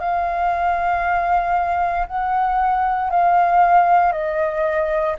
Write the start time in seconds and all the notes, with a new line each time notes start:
0.00 F5
2.07 F#5
3.11 F5
4.13 D#5